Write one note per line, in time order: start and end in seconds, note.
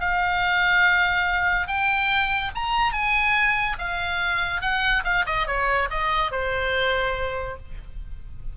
0.00 1.67 F5
1.67 2.51 G5
2.55 2.93 A#5
2.93 3.76 G#5
3.79 4.61 F5
4.61 5.03 F#5
5.04 5.25 F5
5.26 5.47 D#5
5.47 5.89 C#5
5.90 6.31 D#5
6.31 7.57 C5